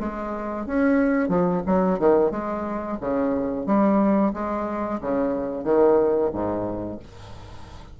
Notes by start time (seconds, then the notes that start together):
0.00 G#3
0.66 C#4
1.28 F3
1.66 F#3
1.99 D#3
2.31 G#3
3.01 C#3
3.66 G3
4.34 G#3
5.01 C#3
5.64 D#3
6.32 G#2